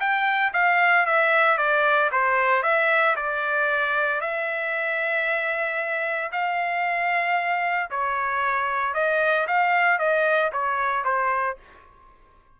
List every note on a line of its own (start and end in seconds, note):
0.00 0.53 G5
0.53 1.06 F5
1.06 1.57 E5
1.57 2.10 D5
2.12 2.63 C5
2.63 3.15 E5
3.16 4.21 D5
4.21 6.31 E5
6.32 7.90 F5
7.90 8.94 C#5
8.94 9.47 D#5
9.47 9.99 F5
9.99 10.51 D#5
10.52 11.05 C#5
11.05 11.57 C5